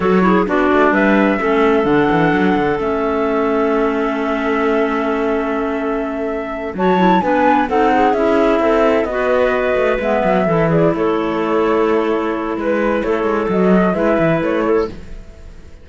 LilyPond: <<
  \new Staff \with { instrumentName = "flute" } { \time 4/4 \tempo 4 = 129 cis''4 d''4 e''2 | fis''2 e''2~ | e''1~ | e''2~ e''8 a''4 gis''8~ |
gis''8 fis''4 e''2 dis''8~ | dis''4. e''4. d''8 cis''8~ | cis''2. b'4 | cis''4 dis''4 e''4 cis''4 | }
  \new Staff \with { instrumentName = "clarinet" } { \time 4/4 a'8 gis'8 fis'4 b'4 a'4~ | a'1~ | a'1~ | a'2~ a'8 cis''4 b'8~ |
b'8 a'8 gis'4. a'4 b'8~ | b'2~ b'8 a'8 gis'8 a'8~ | a'2. b'4 | a'2 b'4. a'8 | }
  \new Staff \with { instrumentName = "clarinet" } { \time 4/4 fis'8 e'8 d'2 cis'4 | d'2 cis'2~ | cis'1~ | cis'2~ cis'8 fis'8 e'8 d'8~ |
d'8 dis'4 e'2 fis'8~ | fis'4. b4 e'4.~ | e'1~ | e'4 fis'4 e'2 | }
  \new Staff \with { instrumentName = "cello" } { \time 4/4 fis4 b8 a8 g4 a4 | d8 e8 fis8 d8 a2~ | a1~ | a2~ a8 fis4 b8~ |
b8 c'4 cis'4 c'4 b8~ | b4 a8 gis8 fis8 e4 a8~ | a2. gis4 | a8 gis8 fis4 gis8 e8 a4 | }
>>